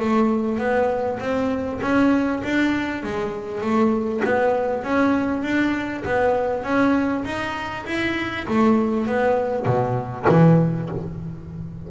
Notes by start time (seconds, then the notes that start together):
0.00 A3
0.59 B3
1.20 C4
1.82 C#4
2.44 D4
3.03 G#3
3.61 A3
4.25 B3
4.84 C#4
5.43 D4
6.05 B3
6.64 C#4
7.25 D#4
7.87 E4
8.48 A3
9.07 B3
9.66 B2
10.29 E3